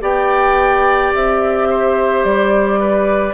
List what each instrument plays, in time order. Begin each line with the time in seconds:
0.00 bassoon B3, clarinet G4, oboe D5, flute G5
1.14 bassoon C4, flute E5
1.69 oboe C5
2.24 bassoon G3, flute D5
2.79 oboe B4